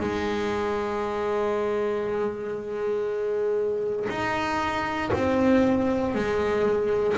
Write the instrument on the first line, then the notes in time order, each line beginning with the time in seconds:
double bass
0.00 G#3
4.09 D#4
5.13 C4
6.15 G#3